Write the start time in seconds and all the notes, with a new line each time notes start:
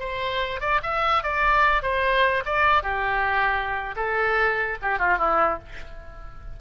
0.00 C5
0.61 D5
0.83 E5
1.23 D5
1.83 C5
2.45 D5
2.83 G4
3.96 A4
4.82 G4
4.99 F4
5.18 E4